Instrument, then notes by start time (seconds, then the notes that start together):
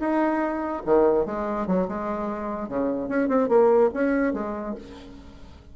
bassoon
0.00 D#4
0.86 D#3
1.26 G#3
1.67 F#3
1.88 G#3
2.69 C#3
3.09 C#4
3.29 C4
3.49 A#3
3.94 C#4
4.34 G#3